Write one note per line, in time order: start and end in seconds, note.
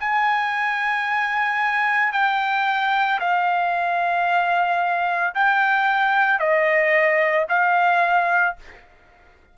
0.00 2.13 G#5
2.13 3.20 G5
3.20 5.34 F5
5.35 6.39 G5
6.39 7.47 D#5
7.49 8.56 F5